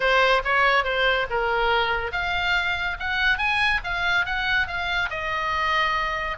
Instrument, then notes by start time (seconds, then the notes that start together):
oboe
0.00 C5
0.44 C#5
0.84 C5
1.29 A#4
2.12 F5
2.99 F#5
3.38 G#5
3.83 F5
4.25 F#5
4.67 F5
5.10 D#5